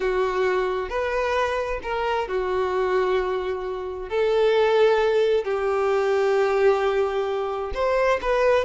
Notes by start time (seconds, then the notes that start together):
0.00 F#4
0.89 B4
1.82 A#4
2.28 F#4
4.09 A4
5.44 G4
7.74 C5
8.21 B4